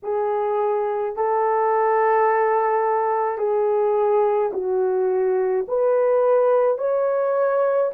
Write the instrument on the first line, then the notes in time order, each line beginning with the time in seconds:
horn
0.03 G#4
1.16 A4
3.38 G#4
4.52 F#4
5.68 B4
6.78 C#5